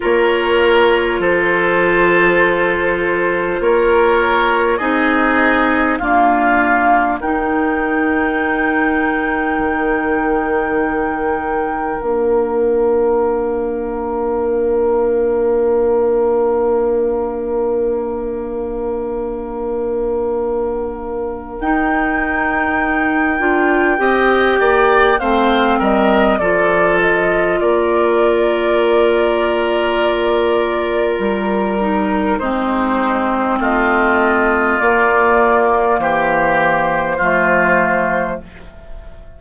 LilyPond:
<<
  \new Staff \with { instrumentName = "flute" } { \time 4/4 \tempo 4 = 50 cis''4 c''2 cis''4 | dis''4 f''4 g''2~ | g''2 f''2~ | f''1~ |
f''2 g''2~ | g''4 f''8 dis''8 d''8 dis''8 d''4~ | d''2 ais'4 c''4 | dis''4 d''4 c''2 | }
  \new Staff \with { instrumentName = "oboe" } { \time 4/4 ais'4 a'2 ais'4 | gis'4 f'4 ais'2~ | ais'1~ | ais'1~ |
ais'1 | dis''8 d''8 c''8 ais'8 a'4 ais'4~ | ais'2. dis'4 | f'2 g'4 f'4 | }
  \new Staff \with { instrumentName = "clarinet" } { \time 4/4 f'1 | dis'4 ais4 dis'2~ | dis'2 d'2~ | d'1~ |
d'2 dis'4. f'8 | g'4 c'4 f'2~ | f'2~ f'8 dis'8 c'4~ | c'4 ais2 a4 | }
  \new Staff \with { instrumentName = "bassoon" } { \time 4/4 ais4 f2 ais4 | c'4 d'4 dis'2 | dis2 ais2~ | ais1~ |
ais2 dis'4. d'8 | c'8 ais8 a8 g8 f4 ais4~ | ais2 g4 gis4 | a4 ais4 e4 f4 | }
>>